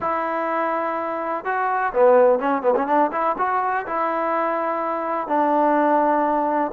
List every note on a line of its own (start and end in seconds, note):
0.00 1.44 E4
1.44 1.92 F#4
1.93 2.39 B3
2.39 2.62 C#4
2.62 2.74 B3
2.75 2.87 C#4
2.87 3.11 D4
3.12 3.36 E4
3.38 3.86 F#4
3.86 5.27 E4
5.27 6.71 D4